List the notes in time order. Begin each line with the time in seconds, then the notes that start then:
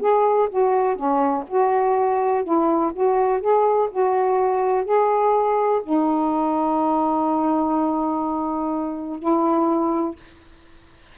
0.00 G#4
0.49 F#4
0.95 C#4
1.47 F#4
2.43 E4
2.93 F#4
3.40 G#4
3.90 F#4
4.84 G#4
5.83 D#4
9.19 E4